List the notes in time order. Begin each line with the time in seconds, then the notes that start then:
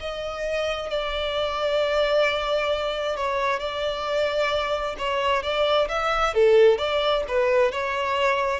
0.00 D#5
0.90 D5
3.16 C#5
3.59 D5
4.98 C#5
5.43 D5
5.88 E5
6.34 A4
6.78 D5
7.28 B4
7.71 C#5